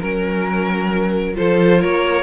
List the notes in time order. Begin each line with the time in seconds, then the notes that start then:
0.00 F#3 C#4 A#4
1.35 F3 F4 A4 C5
1.81 A#3 A#4 C#5